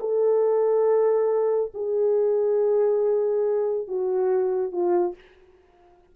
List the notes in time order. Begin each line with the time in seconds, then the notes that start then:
0.00 A4
1.74 G#4
3.87 F#4
4.72 F4